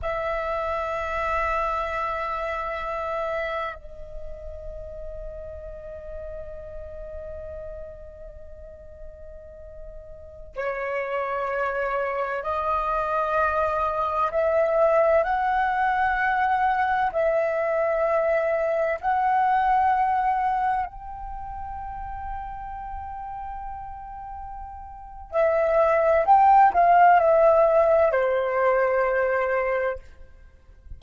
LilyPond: \new Staff \with { instrumentName = "flute" } { \time 4/4 \tempo 4 = 64 e''1 | dis''1~ | dis''2.~ dis''16 cis''8.~ | cis''4~ cis''16 dis''2 e''8.~ |
e''16 fis''2 e''4.~ e''16~ | e''16 fis''2 g''4.~ g''16~ | g''2. e''4 | g''8 f''8 e''4 c''2 | }